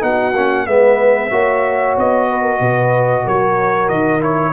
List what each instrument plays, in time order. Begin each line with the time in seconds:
0.00 tuba B3, trombone D#4, horn F#4, trumpet F#5
0.34 tuba A#3, trombone C#4
0.67 tuba G#3, trombone B3, horn B4, trumpet E5
1.31 tuba A#3, trombone F#4, horn C#5
1.97 tuba B3, trumpet D#5
2.29 horn B4
2.42 horn A#4
2.60 tuba B2, horn B4
3.24 tuba F#3, horn A#4, trumpet C#5
3.89 tuba D#3, trumpet D#5
4.21 trombone E4, trumpet C#5